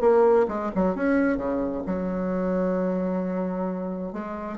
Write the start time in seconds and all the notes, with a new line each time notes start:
0.00 A#3
0.48 G#3
0.75 F#3
0.95 C#4
1.37 C#3
1.86 F#3
4.12 G#3